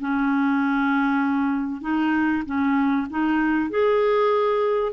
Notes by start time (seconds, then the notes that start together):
0.00 C#4
1.81 D#4
2.45 C#4
3.10 D#4
3.70 G#4